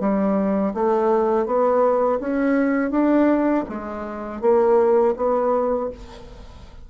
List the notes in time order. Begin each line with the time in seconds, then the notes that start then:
0.00 G3
0.74 A3
1.46 B3
2.20 C#4
2.91 D4
3.69 G#3
4.41 A#3
5.17 B3